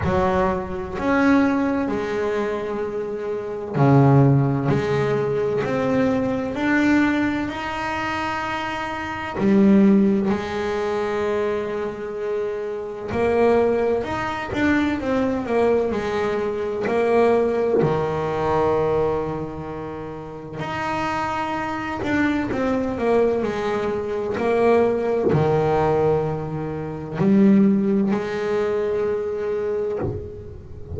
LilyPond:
\new Staff \with { instrumentName = "double bass" } { \time 4/4 \tempo 4 = 64 fis4 cis'4 gis2 | cis4 gis4 c'4 d'4 | dis'2 g4 gis4~ | gis2 ais4 dis'8 d'8 |
c'8 ais8 gis4 ais4 dis4~ | dis2 dis'4. d'8 | c'8 ais8 gis4 ais4 dis4~ | dis4 g4 gis2 | }